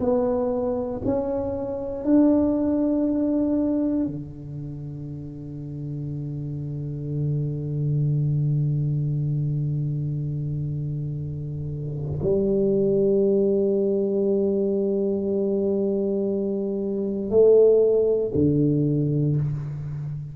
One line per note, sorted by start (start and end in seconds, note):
0.00 1.02 B3
1.05 2.05 C#4
2.05 4.06 D4
4.06 12.20 D3
12.23 17.31 G3
17.31 18.32 A3
18.35 19.37 D3